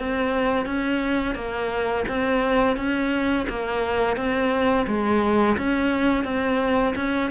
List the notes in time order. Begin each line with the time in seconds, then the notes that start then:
0.00 C4
0.66 C#4
1.35 A#3
2.09 C4
2.77 C#4
3.49 A#3
4.17 C4
4.87 G#3
5.58 C#4
6.25 C4
6.96 C#4